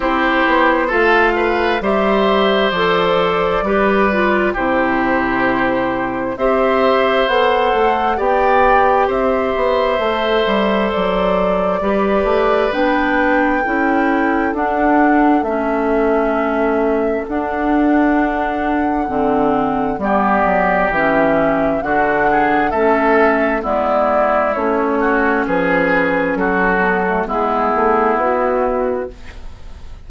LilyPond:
<<
  \new Staff \with { instrumentName = "flute" } { \time 4/4 \tempo 4 = 66 c''4 f''4 e''4 d''4~ | d''4 c''2 e''4 | fis''4 g''4 e''2 | d''2 g''2 |
fis''4 e''2 fis''4~ | fis''2 d''4 e''4 | fis''4 e''4 d''4 cis''4 | b'4 a'4 gis'4 fis'4 | }
  \new Staff \with { instrumentName = "oboe" } { \time 4/4 g'4 a'8 b'8 c''2 | b'4 g'2 c''4~ | c''4 d''4 c''2~ | c''4 b'2 a'4~ |
a'1~ | a'2 g'2 | fis'8 gis'8 a'4 e'4. fis'8 | gis'4 fis'4 e'2 | }
  \new Staff \with { instrumentName = "clarinet" } { \time 4/4 e'4 f'4 g'4 a'4 | g'8 f'8 e'2 g'4 | a'4 g'2 a'4~ | a'4 g'4 d'4 e'4 |
d'4 cis'2 d'4~ | d'4 c'4 b4 cis'4 | d'4 cis'4 b4 cis'4~ | cis'4. b16 a16 b2 | }
  \new Staff \with { instrumentName = "bassoon" } { \time 4/4 c'8 b8 a4 g4 f4 | g4 c2 c'4 | b8 a8 b4 c'8 b8 a8 g8 | fis4 g8 a8 b4 cis'4 |
d'4 a2 d'4~ | d'4 d4 g8 fis8 e4 | d4 a4 gis4 a4 | f4 fis4 gis8 a8 b4 | }
>>